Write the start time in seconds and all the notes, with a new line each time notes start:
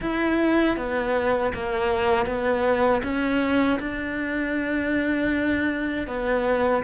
0.00 E4
0.77 B3
1.53 A#3
2.25 B3
3.03 C#4
3.79 D4
6.07 B3